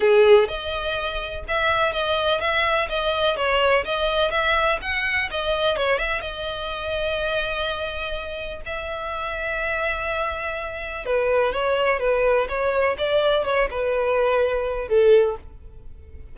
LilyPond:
\new Staff \with { instrumentName = "violin" } { \time 4/4 \tempo 4 = 125 gis'4 dis''2 e''4 | dis''4 e''4 dis''4 cis''4 | dis''4 e''4 fis''4 dis''4 | cis''8 e''8 dis''2.~ |
dis''2 e''2~ | e''2. b'4 | cis''4 b'4 cis''4 d''4 | cis''8 b'2~ b'8 a'4 | }